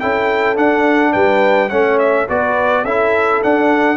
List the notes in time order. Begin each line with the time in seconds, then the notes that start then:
0.00 C#4 E4 A4 G5
0.56 D4 F#5
1.13 G3 B4 G5
1.69 A3 C#4 C#5 F#5
1.99 E5
2.28 B3 F#4 B4 D5
2.83 C#4 E4 A4 E5
3.43 D4 F#5